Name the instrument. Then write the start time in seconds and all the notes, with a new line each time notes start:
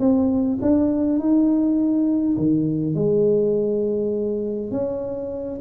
tuba
0.00 C4
0.62 D4
1.20 D#4
2.38 D#3
2.95 G#3
4.72 C#4